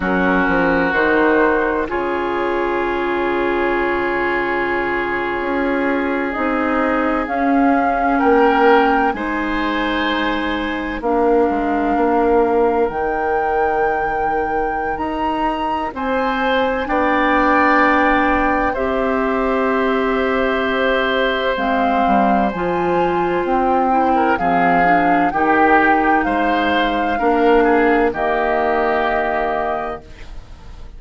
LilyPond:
<<
  \new Staff \with { instrumentName = "flute" } { \time 4/4 \tempo 4 = 64 ais'4 c''4 cis''2~ | cis''2~ cis''8. dis''4 f''16~ | f''8. g''4 gis''2 f''16~ | f''4.~ f''16 g''2~ g''16 |
ais''4 gis''4 g''2 | e''2. f''4 | gis''4 g''4 f''4 g''4 | f''2 dis''2 | }
  \new Staff \with { instrumentName = "oboe" } { \time 4/4 fis'2 gis'2~ | gis'1~ | gis'8. ais'4 c''2 ais'16~ | ais'1~ |
ais'4 c''4 d''2 | c''1~ | c''4.~ c''16 ais'16 gis'4 g'4 | c''4 ais'8 gis'8 g'2 | }
  \new Staff \with { instrumentName = "clarinet" } { \time 4/4 cis'4 dis'4 f'2~ | f'2~ f'8. dis'4 cis'16~ | cis'4.~ cis'16 dis'2 d'16~ | d'4.~ d'16 dis'2~ dis'16~ |
dis'2 d'2 | g'2. c'4 | f'4. e'8 c'8 d'8 dis'4~ | dis'4 d'4 ais2 | }
  \new Staff \with { instrumentName = "bassoon" } { \time 4/4 fis8 f8 dis4 cis2~ | cis4.~ cis16 cis'4 c'4 cis'16~ | cis'8. ais4 gis2 ais16~ | ais16 gis8 ais4 dis2~ dis16 |
dis'4 c'4 b2 | c'2. gis8 g8 | f4 c'4 f4 dis4 | gis4 ais4 dis2 | }
>>